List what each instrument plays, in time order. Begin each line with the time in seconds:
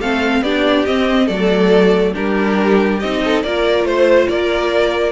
0.00 cello A3, viola C4, violin A4 F5
0.42 cello B3, viola D4, violin G4 D5
0.86 viola C4, cello C4, violin D#5
1.26 cello F#3, viola A3, violin A4 D5
2.14 cello G3, viola D4, violin G4 A#4
3.00 cello C4, viola D#4, violin D#5
3.25 violin A4
3.43 cello A#3, viola F4, violin A#4 D5
3.84 cello A3, violin C5
4.28 cello A#3, violin A#4 D5